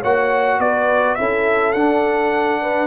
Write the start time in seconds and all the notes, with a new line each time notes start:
0.00 A#3 F#4 C#5 F#5
0.59 B3 B4 D5
1.15 C#4 E4 A4 E5
1.73 D4 F#5
2.62 B4